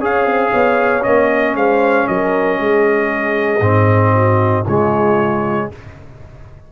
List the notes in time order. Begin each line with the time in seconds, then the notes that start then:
0.00 C#4 G#4 C#5 F5
0.27 C4
0.52 B3 C#5
1.02 A#3 C#4 D#5
1.55 G#3 C5 F5
2.08 F#3 A#4 D#5
2.60 G#3 G#4
3.61 G#2 C4
4.15 F#4
4.65 C#3 G#3 F4 C#5